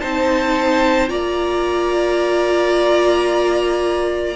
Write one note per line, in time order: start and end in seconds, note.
0.00 1.10 C4
0.00 1.08 D#4
0.00 1.10 C5
0.00 1.09 A5
1.08 4.36 A#3
1.08 4.35 F4
1.08 4.36 D5
1.08 4.36 A#5